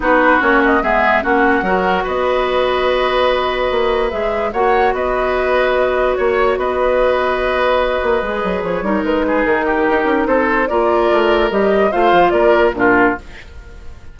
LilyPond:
<<
  \new Staff \with { instrumentName = "flute" } { \time 4/4 \tempo 4 = 146 b'4 cis''8 dis''8 e''4 fis''4~ | fis''4 dis''2.~ | dis''2 e''4 fis''4 | dis''2. cis''4 |
dis''1~ | dis''4 cis''4 b'4 ais'4~ | ais'4 c''4 d''2 | dis''4 f''4 d''4 ais'4 | }
  \new Staff \with { instrumentName = "oboe" } { \time 4/4 fis'2 gis'4 fis'4 | ais'4 b'2.~ | b'2. cis''4 | b'2. cis''4 |
b'1~ | b'4. ais'4 gis'4 g'8~ | g'4 a'4 ais'2~ | ais'4 c''4 ais'4 f'4 | }
  \new Staff \with { instrumentName = "clarinet" } { \time 4/4 dis'4 cis'4 b4 cis'4 | fis'1~ | fis'2 gis'4 fis'4~ | fis'1~ |
fis'1 | gis'4. dis'2~ dis'8~ | dis'2 f'2 | g'4 f'2 d'4 | }
  \new Staff \with { instrumentName = "bassoon" } { \time 4/4 b4 ais4 gis4 ais4 | fis4 b2.~ | b4 ais4 gis4 ais4 | b2. ais4 |
b2.~ b8 ais8 | gis8 fis8 f8 g8 gis4 dis4 | dis'8 cis'8 c'4 ais4 a4 | g4 a8 f8 ais4 ais,4 | }
>>